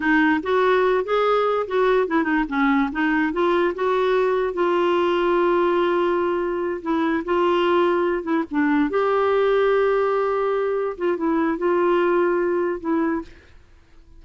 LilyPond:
\new Staff \with { instrumentName = "clarinet" } { \time 4/4 \tempo 4 = 145 dis'4 fis'4. gis'4. | fis'4 e'8 dis'8 cis'4 dis'4 | f'4 fis'2 f'4~ | f'1~ |
f'8 e'4 f'2~ f'8 | e'8 d'4 g'2~ g'8~ | g'2~ g'8 f'8 e'4 | f'2. e'4 | }